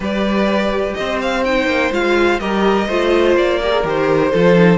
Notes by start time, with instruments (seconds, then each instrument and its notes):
0.00 cello G3, viola G4, violin B4 D5
0.94 cello C4, violin C5 D#5
1.21 violin F5
1.44 viola D#4, violin G5
1.66 cello A#3
1.91 cello G#3, viola F4, violin F5
2.39 cello G3, viola G4, violin A#4 D#5
2.87 cello A3, viola F4, violin C5
3.36 cello A#3, violin D5
3.61 viola G4, violin A#4
3.71 viola G#4
3.84 cello D#3, viola G4, violin C5
4.32 cello F3, viola F4, violin A4
4.56 viola D#4